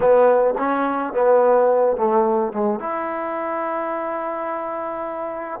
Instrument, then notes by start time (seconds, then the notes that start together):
trombone
0.00 B3
0.58 C#4
1.13 B3
1.96 A3
2.52 G#3
2.79 E4